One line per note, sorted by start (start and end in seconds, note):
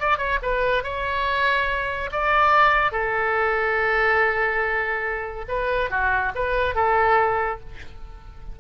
0.00 0.18 D5
0.18 0.39 C#5
0.42 0.84 B4
0.84 2.10 C#5
2.12 2.92 D5
2.92 5.46 A4
5.49 5.90 B4
5.90 6.33 F#4
6.35 6.75 B4
6.75 7.60 A4